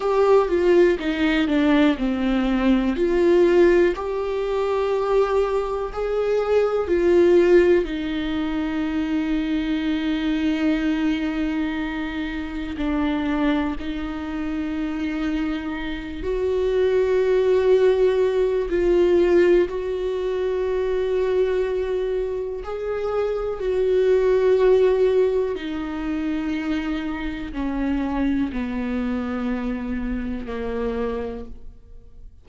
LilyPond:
\new Staff \with { instrumentName = "viola" } { \time 4/4 \tempo 4 = 61 g'8 f'8 dis'8 d'8 c'4 f'4 | g'2 gis'4 f'4 | dis'1~ | dis'4 d'4 dis'2~ |
dis'8 fis'2~ fis'8 f'4 | fis'2. gis'4 | fis'2 dis'2 | cis'4 b2 ais4 | }